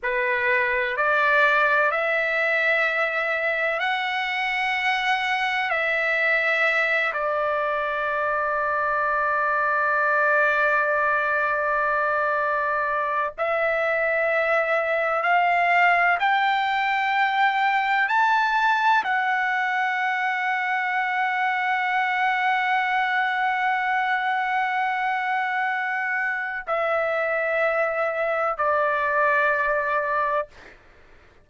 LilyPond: \new Staff \with { instrumentName = "trumpet" } { \time 4/4 \tempo 4 = 63 b'4 d''4 e''2 | fis''2 e''4. d''8~ | d''1~ | d''2 e''2 |
f''4 g''2 a''4 | fis''1~ | fis''1 | e''2 d''2 | }